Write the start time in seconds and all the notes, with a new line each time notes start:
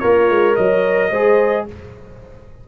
0.00 A#3 F4 A#4 C#5
0.30 G#3
0.56 F#3 C#5 D#5
1.11 G#3 G#4 C5